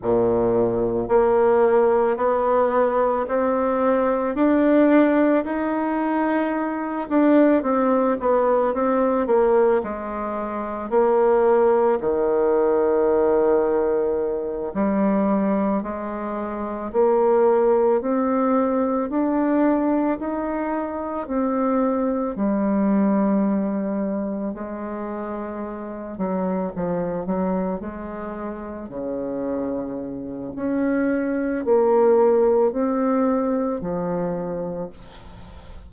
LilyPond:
\new Staff \with { instrumentName = "bassoon" } { \time 4/4 \tempo 4 = 55 ais,4 ais4 b4 c'4 | d'4 dis'4. d'8 c'8 b8 | c'8 ais8 gis4 ais4 dis4~ | dis4. g4 gis4 ais8~ |
ais8 c'4 d'4 dis'4 c'8~ | c'8 g2 gis4. | fis8 f8 fis8 gis4 cis4. | cis'4 ais4 c'4 f4 | }